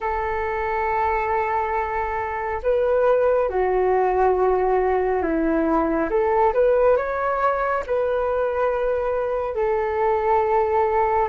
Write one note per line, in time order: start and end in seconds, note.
0.00 2.61 A4
2.62 3.49 B4
3.49 5.22 F#4
5.22 6.09 E4
6.09 6.53 A4
6.53 6.96 B4
6.96 7.83 C#5
7.86 9.55 B4
9.55 11.28 A4